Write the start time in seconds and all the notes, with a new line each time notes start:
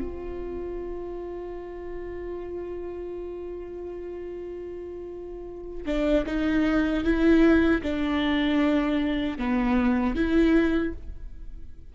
0.00 F4
5.85 D4
6.26 D#4
7.04 E4
7.82 D4
9.38 B3
10.15 E4